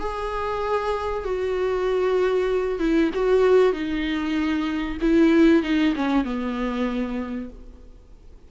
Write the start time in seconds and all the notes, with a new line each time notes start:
0.00 G#4
1.25 F#4
2.80 E4
3.14 F#4
3.73 D#4
5.02 E4
5.63 D#4
5.96 C#4
6.25 B3